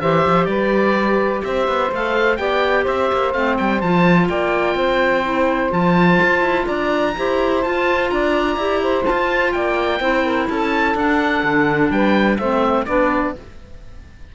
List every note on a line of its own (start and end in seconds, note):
0.00 0.26 E3
0.00 1.91 G4
0.00 0.48 C5
0.00 0.45 E5
0.26 0.47 F3
0.45 1.42 G3
0.45 1.43 B4
0.45 1.40 D5
1.43 1.67 C4
1.43 2.39 C5
1.43 1.91 E5
1.67 1.91 B3
1.91 2.39 A3
1.91 2.38 A4
1.91 2.36 F5
2.36 2.86 B3
2.36 3.34 G4
2.36 2.82 D5
2.36 2.84 G5
2.82 3.11 C4
2.82 4.25 C5
2.82 3.32 E5
3.12 3.34 A#3
3.32 3.58 A3
3.32 3.81 C4
3.32 3.56 F5
3.57 3.82 G3
3.57 3.80 G5
3.80 4.29 F3
3.80 5.23 F4
3.80 4.28 A5
4.29 4.74 A#3
4.29 4.76 D5
4.29 5.72 G5
4.74 5.70 C4
4.74 6.65 C5
5.23 5.70 E4
5.70 6.19 F3
5.70 7.13 F4
5.70 6.67 A5
6.22 6.41 F4
6.41 6.65 E4
6.65 7.16 D4
6.65 7.13 D5
6.65 7.62 A#5
7.16 7.65 E4
7.16 7.64 G4
7.16 8.12 C5
7.62 8.59 F4
7.62 8.11 F4
7.62 8.09 A5
8.09 8.56 D4
8.09 8.82 D5
8.09 9.05 A#5
8.56 9.04 E4
8.56 9.04 G4
8.82 9.53 C5
9.04 9.99 F4
9.04 9.52 A5
9.10 9.55 F4
9.52 10.00 A#3
9.52 10.00 D5
9.52 10.47 G5
10.00 10.47 C4
10.00 10.95 E4
10.00 10.23 C5
10.24 10.47 A#4
10.49 10.95 C#4
10.49 11.92 A4
10.49 10.97 A5
10.95 11.42 D4
10.95 12.40 D4
10.95 11.91 F#5
11.43 11.90 D3
11.90 12.37 G3
11.90 12.38 B4
11.90 12.37 G5
12.37 12.86 A3
12.37 12.86 C4
12.37 12.86 C5
12.37 12.85 E5
12.85 13.35 B3
12.85 13.34 D4
12.85 13.34 B4
12.85 13.33 D5